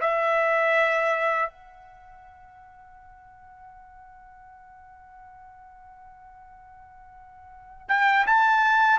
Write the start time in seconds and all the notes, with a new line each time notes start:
0.00 E5
1.49 F#5
7.88 G5
8.26 A5